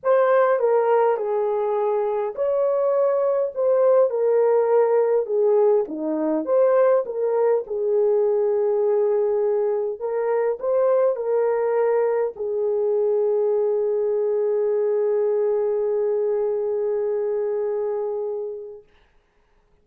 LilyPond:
\new Staff \with { instrumentName = "horn" } { \time 4/4 \tempo 4 = 102 c''4 ais'4 gis'2 | cis''2 c''4 ais'4~ | ais'4 gis'4 dis'4 c''4 | ais'4 gis'2.~ |
gis'4 ais'4 c''4 ais'4~ | ais'4 gis'2.~ | gis'1~ | gis'1 | }